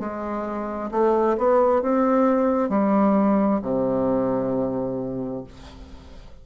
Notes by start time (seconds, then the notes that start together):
0.00 G#3
0.92 A3
1.38 B3
1.82 C4
2.70 G3
3.62 C3